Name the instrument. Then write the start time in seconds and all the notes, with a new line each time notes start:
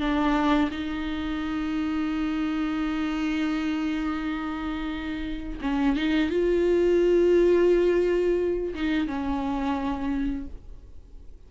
viola
0.00 D4
0.71 D#4
5.61 C#4
5.96 D#4
6.30 F4
8.75 D#4
9.07 C#4